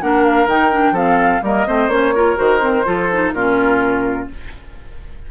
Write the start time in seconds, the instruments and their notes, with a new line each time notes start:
0.00 bassoon A#3, clarinet D4, oboe A#4, flute F#5
0.24 flute F5
0.46 bassoon D#3, clarinet D#4, flute G5
0.71 clarinet D4
0.91 bassoon F3, clarinet C4, oboe A4, flute F5
1.42 bassoon G3, clarinet A#3, oboe A#4, flute D#5
1.66 bassoon A3, clarinet C4, oboe C5
1.87 bassoon A#3, clarinet C#4, flute C#5
2.14 clarinet F4, oboe A#4
2.36 bassoon D#3, clarinet F#4, flute C5
2.59 clarinet C4
2.84 bassoon F3, clarinet F4, oboe A4
3.12 clarinet D#4
3.32 bassoon A#2, clarinet C#4, oboe F4, flute A#4